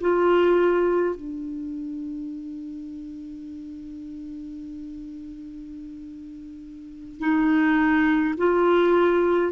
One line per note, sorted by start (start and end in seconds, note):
0.00 1.15 F4
1.15 7.19 D4
7.19 8.34 D#4
8.38 9.52 F4